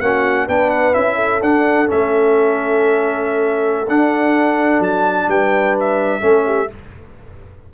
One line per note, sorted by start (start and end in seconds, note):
0.00 0.48 A#3
0.00 0.48 C#4
0.00 0.46 F#4
0.00 0.47 F#5
0.46 0.95 B3
0.46 0.94 D4
0.46 1.15 B4
0.46 0.70 G5
0.70 0.93 F#5
0.93 1.41 C#4
0.93 1.40 E4
0.93 1.40 E5
1.15 5.25 A4
1.41 1.88 D4
1.41 1.86 D4
1.41 1.89 F#5
1.86 3.88 A3
1.86 3.86 C#4
1.86 3.88 E5
3.88 4.79 D4
3.88 6.20 D4
3.88 4.82 F#5
4.79 5.26 F#3
4.79 5.29 A5
5.27 6.21 G3
5.27 6.20 B4
5.27 5.76 G5
5.80 6.73 E5
6.20 6.69 A3
6.20 6.67 C#4
6.20 6.44 A4
6.46 6.69 G4